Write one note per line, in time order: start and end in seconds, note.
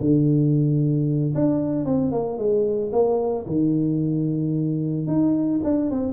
0.00 1.34 D3
1.34 1.85 D4
1.85 2.11 C4
2.11 2.37 A#3
2.37 2.91 G#3
2.92 3.46 A#3
3.46 5.06 D#3
5.07 5.60 D#4
5.63 5.90 D4
5.90 6.12 C4